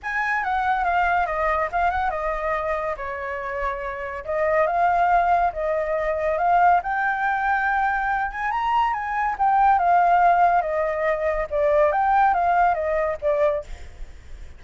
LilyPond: \new Staff \with { instrumentName = "flute" } { \time 4/4 \tempo 4 = 141 gis''4 fis''4 f''4 dis''4 | f''8 fis''8 dis''2 cis''4~ | cis''2 dis''4 f''4~ | f''4 dis''2 f''4 |
g''2.~ g''8 gis''8 | ais''4 gis''4 g''4 f''4~ | f''4 dis''2 d''4 | g''4 f''4 dis''4 d''4 | }